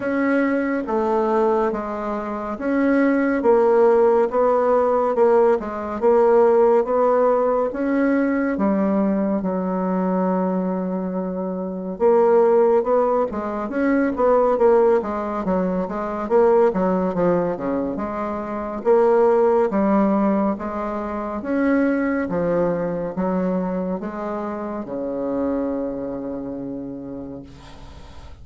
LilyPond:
\new Staff \with { instrumentName = "bassoon" } { \time 4/4 \tempo 4 = 70 cis'4 a4 gis4 cis'4 | ais4 b4 ais8 gis8 ais4 | b4 cis'4 g4 fis4~ | fis2 ais4 b8 gis8 |
cis'8 b8 ais8 gis8 fis8 gis8 ais8 fis8 | f8 cis8 gis4 ais4 g4 | gis4 cis'4 f4 fis4 | gis4 cis2. | }